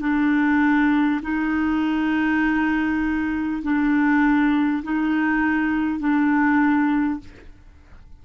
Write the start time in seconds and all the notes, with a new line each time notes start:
0.00 D4
1.22 D#4
3.63 D4
4.83 D#4
5.99 D4